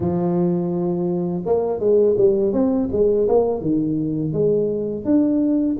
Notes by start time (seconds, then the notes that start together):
0.00 F3
1.45 A#3
1.79 G#3
2.17 G3
2.52 C4
2.91 G#3
3.28 A#3
3.61 D#3
4.32 G#3
5.04 D4